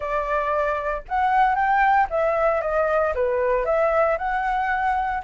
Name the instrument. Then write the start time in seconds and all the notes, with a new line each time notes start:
flute
0.00 D5
1.08 F#5
1.55 G5
2.10 E5
2.61 D#5
3.14 B4
3.65 E5
4.18 F#5